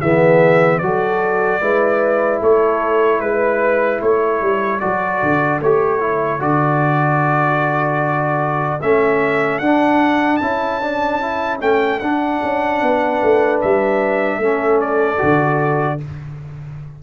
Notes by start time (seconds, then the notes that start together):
0.00 E3 B3 G#4 E5
0.78 F#3 F#4 A4 D5
1.61 G#3 E4 B4
2.40 A3 A4 C#5
3.20 G#3 B4
4.00 A3 A4 C#5
4.41 G3
4.79 F#3 F#4 D5
5.22 D3
5.60 A3 G4 C#5
5.99 E4
6.39 D3 F#4 D5
8.81 A3 C#4 E5
9.58 D4 F#5
10.36 C#4 E4 A5
10.81 D4
11.21 E4
11.60 A3 C#4 G5
11.99 D4 F#5
12.43 C#4
12.82 B3 B4
13.22 A3
13.61 G3 E5
14.38 A3 C#4 A4
14.80 D5
15.18 D3 F#4